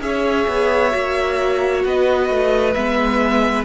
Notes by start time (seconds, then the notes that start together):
0.00 C#4 G#4 C#5 E5
0.48 B3
0.91 A#3 F#4
1.84 B3 B4 D#5
2.30 A3
2.74 G#3 B3 E5